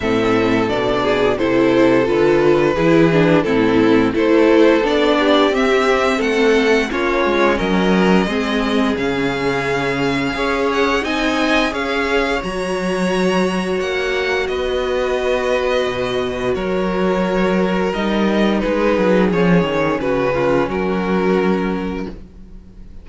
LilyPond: <<
  \new Staff \with { instrumentName = "violin" } { \time 4/4 \tempo 4 = 87 e''4 d''4 c''4 b'4~ | b'4 a'4 c''4 d''4 | e''4 fis''4 cis''4 dis''4~ | dis''4 f''2~ f''8 fis''8 |
gis''4 f''4 ais''2 | fis''4 dis''2. | cis''2 dis''4 b'4 | cis''4 b'4 ais'2 | }
  \new Staff \with { instrumentName = "violin" } { \time 4/4 a'4. gis'8 a'2 | gis'4 e'4 a'4. g'8~ | g'4 a'4 f'4 ais'4 | gis'2. cis''4 |
dis''4 cis''2.~ | cis''4 b'2. | ais'2. gis'4~ | gis'4 fis'8 f'8 fis'2 | }
  \new Staff \with { instrumentName = "viola" } { \time 4/4 c'4 d'4 e'4 f'4 | e'8 d'8 c'4 e'4 d'4 | c'2 cis'2 | c'4 cis'2 gis'4 |
dis'4 gis'4 fis'2~ | fis'1~ | fis'2 dis'2 | cis'1 | }
  \new Staff \with { instrumentName = "cello" } { \time 4/4 a,4 b,4 c4 d4 | e4 a,4 a4 b4 | c'4 a4 ais8 gis8 fis4 | gis4 cis2 cis'4 |
c'4 cis'4 fis2 | ais4 b2 b,4 | fis2 g4 gis8 fis8 | f8 dis8 cis4 fis2 | }
>>